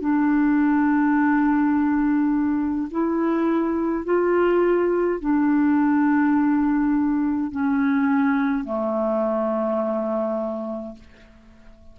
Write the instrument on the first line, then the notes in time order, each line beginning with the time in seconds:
clarinet
0.00 D4
2.91 E4
4.05 F4
5.20 D4
7.51 C#4
8.64 A3